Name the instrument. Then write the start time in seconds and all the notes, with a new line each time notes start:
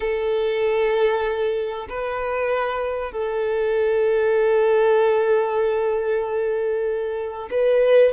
violin
0.00 A4
1.89 B4
3.11 A4
7.50 B4